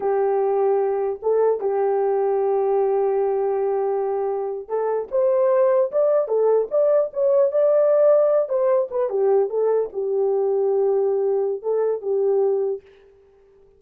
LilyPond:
\new Staff \with { instrumentName = "horn" } { \time 4/4 \tempo 4 = 150 g'2. a'4 | g'1~ | g'2.~ g'8. a'16~ | a'8. c''2 d''4 a'16~ |
a'8. d''4 cis''4 d''4~ d''16~ | d''4~ d''16 c''4 b'8 g'4 a'16~ | a'8. g'2.~ g'16~ | g'4 a'4 g'2 | }